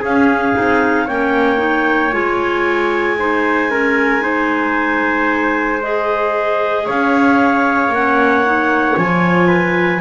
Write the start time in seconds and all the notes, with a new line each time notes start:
0.00 C#4 G#4 F5
0.54 C4 D#4
1.05 A#3 C#4 C#5 G5
1.58 D#4
2.12 G#3 F4 G#5
3.19 D#4 C5
3.71 C#4 A#4
4.21 D#4 C5
5.82 G#4 D#5
6.86 C#4 C#5 F5
7.89 A#3 F#5
7.95 C#4
8.46 D#4
8.97 F3 F4 G#5
9.48 B4